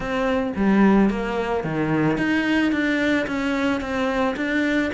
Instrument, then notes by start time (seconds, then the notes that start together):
cello
0.00 C4
0.56 G3
1.10 A#3
1.63 D#3
2.17 D#4
2.71 D4
3.27 C#4
3.81 C4
4.36 D4